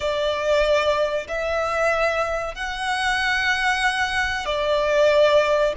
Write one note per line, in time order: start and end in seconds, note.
0.00 1.27 D5
1.27 2.54 E5
2.54 4.45 F#5
4.45 5.73 D5